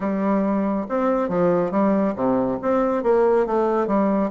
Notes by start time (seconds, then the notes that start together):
0.00 G3
0.88 C4
1.28 F3
1.71 G3
2.15 C3
2.62 C4
3.03 A#3
3.46 A3
3.87 G3